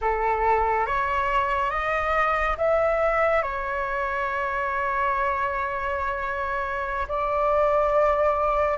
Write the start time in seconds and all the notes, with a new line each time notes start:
0.01 A4
0.86 C#5
1.70 D#5
2.57 E5
3.42 C#5
7.08 D5